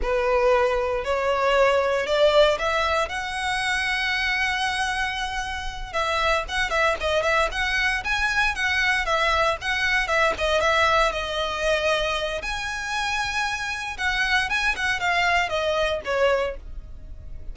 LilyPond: \new Staff \with { instrumentName = "violin" } { \time 4/4 \tempo 4 = 116 b'2 cis''2 | d''4 e''4 fis''2~ | fis''2.~ fis''8 e''8~ | e''8 fis''8 e''8 dis''8 e''8 fis''4 gis''8~ |
gis''8 fis''4 e''4 fis''4 e''8 | dis''8 e''4 dis''2~ dis''8 | gis''2. fis''4 | gis''8 fis''8 f''4 dis''4 cis''4 | }